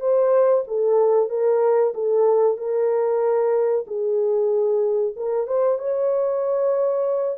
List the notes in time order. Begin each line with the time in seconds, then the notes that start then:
0.00 C5
0.67 A4
1.29 A#4
1.94 A4
2.57 A#4
3.87 G#4
5.16 A#4
5.47 C5
5.79 C#5